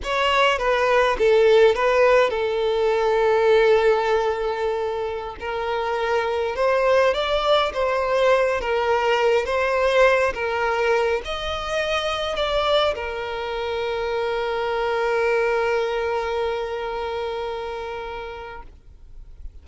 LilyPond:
\new Staff \with { instrumentName = "violin" } { \time 4/4 \tempo 4 = 103 cis''4 b'4 a'4 b'4 | a'1~ | a'4~ a'16 ais'2 c''8.~ | c''16 d''4 c''4. ais'4~ ais'16~ |
ais'16 c''4. ais'4. dis''8.~ | dis''4~ dis''16 d''4 ais'4.~ ais'16~ | ais'1~ | ais'1 | }